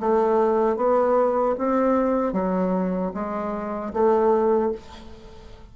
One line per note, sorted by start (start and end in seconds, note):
0.00 0.76 A3
0.76 1.55 B3
1.58 2.33 C4
2.33 3.12 F#3
3.14 3.93 G#3
3.93 4.72 A3